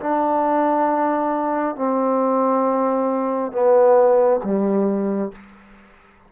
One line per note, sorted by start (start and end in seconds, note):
0.00 1.76 D4
1.76 3.52 C4
3.52 4.40 B3
4.44 5.32 G3